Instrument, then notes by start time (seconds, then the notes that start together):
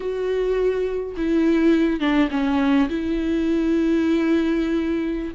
viola
0.00 F#4
1.17 E4
2.00 D4
2.31 C#4
2.89 E4